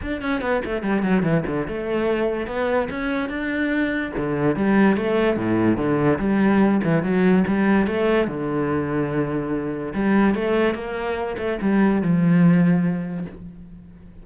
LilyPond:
\new Staff \with { instrumentName = "cello" } { \time 4/4 \tempo 4 = 145 d'8 cis'8 b8 a8 g8 fis8 e8 d8 | a2 b4 cis'4 | d'2 d4 g4 | a4 a,4 d4 g4~ |
g8 e8 fis4 g4 a4 | d1 | g4 a4 ais4. a8 | g4 f2. | }